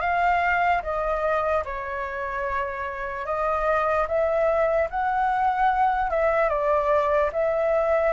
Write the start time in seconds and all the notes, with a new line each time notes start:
0.00 F5
0.83 D#5
1.65 C#5
3.25 D#5
4.07 E5
4.90 F#5
6.10 E5
6.49 D5
7.32 E5